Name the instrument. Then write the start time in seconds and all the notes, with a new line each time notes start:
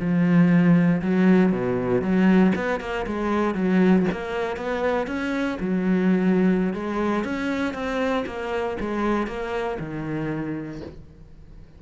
cello
0.00 F3
1.02 F#3
1.53 B2
2.02 F#3
2.56 B3
2.80 A#3
3.07 G#3
3.55 F#3
4.12 A#3
4.57 B3
5.07 C#4
5.60 F#3
6.74 G#3
7.24 C#4
7.74 C4
8.27 A#3
8.80 G#3
9.27 A#3
9.80 D#3